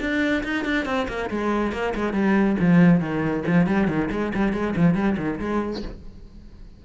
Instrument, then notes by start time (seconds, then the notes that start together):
cello
0.00 D4
0.44 D#4
0.64 D4
0.85 C4
1.08 A#3
1.30 G#3
1.72 A#3
1.95 G#3
2.13 G3
2.60 F3
3.00 D#3
3.47 F3
3.66 G3
3.88 D#3
4.11 G#3
4.35 G3
4.53 G#3
4.76 F3
4.95 G3
5.17 D#3
5.39 G#3